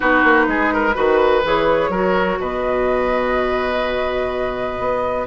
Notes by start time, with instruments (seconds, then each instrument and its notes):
0.00 bassoon B3, clarinet D#4, oboe F#4, flute B4
0.23 bassoon A#3
0.47 bassoon G#3, oboe G#4
0.73 oboe A#4
0.94 bassoon D#3, clarinet F#4, oboe B4
1.44 bassoon E3, clarinet G#4, flute C#5
1.89 bassoon F#3, clarinet F#4, oboe A#4
2.40 bassoon B2, oboe B4, flute D#5
4.79 bassoon B3